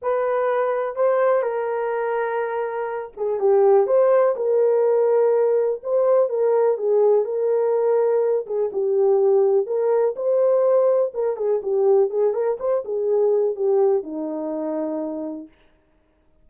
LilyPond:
\new Staff \with { instrumentName = "horn" } { \time 4/4 \tempo 4 = 124 b'2 c''4 ais'4~ | ais'2~ ais'8 gis'8 g'4 | c''4 ais'2. | c''4 ais'4 gis'4 ais'4~ |
ais'4. gis'8 g'2 | ais'4 c''2 ais'8 gis'8 | g'4 gis'8 ais'8 c''8 gis'4. | g'4 dis'2. | }